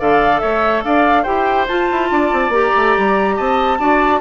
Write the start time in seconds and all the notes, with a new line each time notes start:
0.00 D3 A4 D5 F5
0.40 A3 C#5 E5
0.84 D4 D5 F5
1.23 E4 G4 C5 G5
1.68 F4 A5
1.92 E4
2.11 D4 D5
2.33 C4
2.49 A#3 G4 A#5
2.77 A3
2.98 G3
3.36 C4 D#5 A5
3.80 D4 F#4 D5